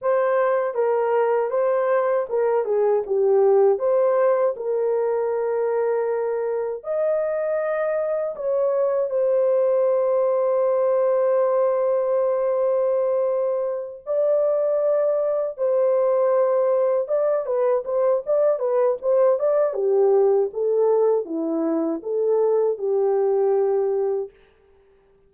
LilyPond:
\new Staff \with { instrumentName = "horn" } { \time 4/4 \tempo 4 = 79 c''4 ais'4 c''4 ais'8 gis'8 | g'4 c''4 ais'2~ | ais'4 dis''2 cis''4 | c''1~ |
c''2~ c''8 d''4.~ | d''8 c''2 d''8 b'8 c''8 | d''8 b'8 c''8 d''8 g'4 a'4 | e'4 a'4 g'2 | }